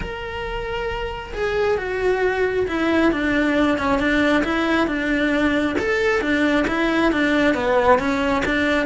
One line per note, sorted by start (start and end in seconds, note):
0.00 1.32 A#4
1.33 1.77 G#4
1.77 2.66 F#4
2.67 3.12 E4
3.12 3.78 D4
3.78 3.99 C#4
3.99 4.43 D4
4.44 4.87 E4
4.87 5.76 D4
5.79 6.21 A4
6.21 6.65 D4
6.67 7.12 E4
7.12 7.54 D4
7.54 7.98 B3
7.98 8.43 C#4
8.45 8.86 D4